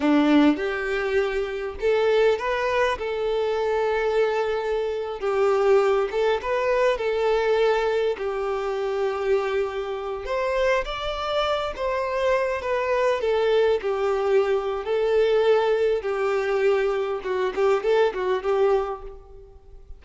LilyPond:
\new Staff \with { instrumentName = "violin" } { \time 4/4 \tempo 4 = 101 d'4 g'2 a'4 | b'4 a'2.~ | a'8. g'4. a'8 b'4 a'16~ | a'4.~ a'16 g'2~ g'16~ |
g'4~ g'16 c''4 d''4. c''16~ | c''4~ c''16 b'4 a'4 g'8.~ | g'4 a'2 g'4~ | g'4 fis'8 g'8 a'8 fis'8 g'4 | }